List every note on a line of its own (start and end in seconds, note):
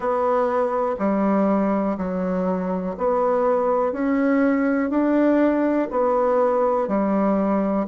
0.00 0.95 B3
0.98 1.97 G3
1.97 2.96 F#3
2.97 3.92 B3
3.92 4.90 C#4
4.90 5.88 D4
5.90 6.88 B3
6.88 7.86 G3